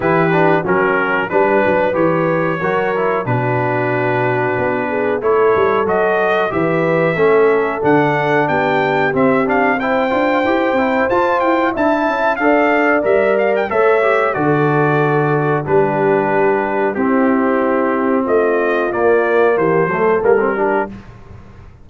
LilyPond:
<<
  \new Staff \with { instrumentName = "trumpet" } { \time 4/4 \tempo 4 = 92 b'4 ais'4 b'4 cis''4~ | cis''4 b'2. | cis''4 dis''4 e''2 | fis''4 g''4 e''8 f''8 g''4~ |
g''4 a''8 g''8 a''4 f''4 | e''8 f''16 g''16 e''4 d''2 | b'2 g'2 | dis''4 d''4 c''4 ais'4 | }
  \new Staff \with { instrumentName = "horn" } { \time 4/4 g'4 fis'4 b'2 | ais'4 fis'2~ fis'8 gis'8 | a'2 b'4 a'4~ | a'4 g'2 c''4~ |
c''2 e''4 d''4~ | d''4 cis''4 a'2 | g'2 e'2 | f'2 g'8 a'4 g'8 | }
  \new Staff \with { instrumentName = "trombone" } { \time 4/4 e'8 d'8 cis'4 d'4 g'4 | fis'8 e'8 d'2. | e'4 fis'4 g'4 cis'4 | d'2 c'8 d'8 e'8 f'8 |
g'8 e'8 f'4 e'4 a'4 | ais'4 a'8 g'8 fis'2 | d'2 c'2~ | c'4 ais4. a8 ais16 c'16 d'8 | }
  \new Staff \with { instrumentName = "tuba" } { \time 4/4 e4 fis4 g8 fis8 e4 | fis4 b,2 b4 | a8 g8 fis4 e4 a4 | d4 b4 c'4. d'8 |
e'8 c'8 f'8 e'8 d'8 cis'8 d'4 | g4 a4 d2 | g2 c'2 | a4 ais4 e8 fis8 g4 | }
>>